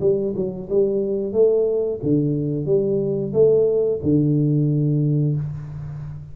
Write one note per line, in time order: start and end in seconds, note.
0.00 0.33 G3
0.35 0.68 F#3
0.69 1.32 G3
1.32 1.99 A3
2.02 2.65 D3
2.65 3.32 G3
3.33 4.00 A3
4.02 5.36 D3